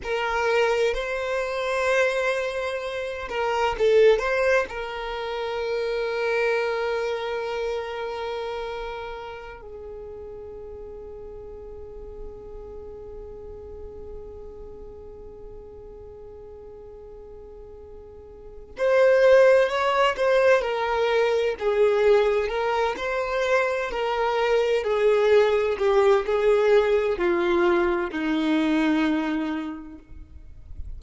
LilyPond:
\new Staff \with { instrumentName = "violin" } { \time 4/4 \tempo 4 = 64 ais'4 c''2~ c''8 ais'8 | a'8 c''8 ais'2.~ | ais'2~ ais'16 gis'4.~ gis'16~ | gis'1~ |
gis'1 | c''4 cis''8 c''8 ais'4 gis'4 | ais'8 c''4 ais'4 gis'4 g'8 | gis'4 f'4 dis'2 | }